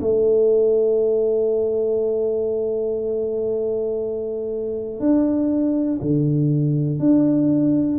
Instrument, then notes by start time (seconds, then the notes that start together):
tuba
0.00 A3
5.00 D4
6.01 D3
7.00 D4